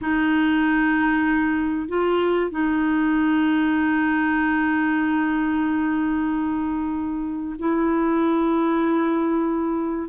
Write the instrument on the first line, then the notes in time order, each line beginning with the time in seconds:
clarinet
0.01 D#4
1.88 F4
2.50 D#4
7.58 E4